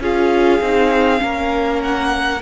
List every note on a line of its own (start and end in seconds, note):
0.00 0.60 C#4
0.00 0.62 F4
0.00 1.21 G#4
0.00 1.82 F5
0.61 1.21 C4
0.61 1.18 D#4
1.18 2.42 A#3
1.18 2.38 C#4
1.18 2.42 A#4
1.82 2.42 F#5